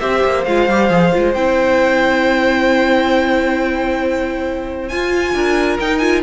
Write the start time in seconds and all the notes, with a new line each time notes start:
0.00 C4 G4 C5 E5
0.25 A#3
0.44 G#3 F4 F5
0.68 G3 G4
0.89 F3 G#4
1.12 G#3 F4
1.33 C4 E4 G5
4.88 F4 G#5
5.34 D4 A#4
5.79 D#4 G5
5.98 F4 G#5